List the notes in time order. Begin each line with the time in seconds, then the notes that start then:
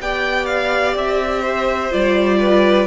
0.00 B3 G4 D5 G5
0.46 F5
0.95 C4 E5
1.42 C5
1.91 G3 F4 D5
2.40 B4